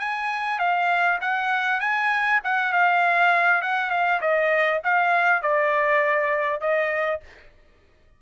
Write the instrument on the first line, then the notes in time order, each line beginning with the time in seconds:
trumpet
0.00 G#5
0.59 F5
1.22 F#5
1.81 G#5
2.44 F#5
2.73 F5
3.62 F#5
3.91 F5
4.21 D#5
4.84 F5
5.42 D5
6.61 D#5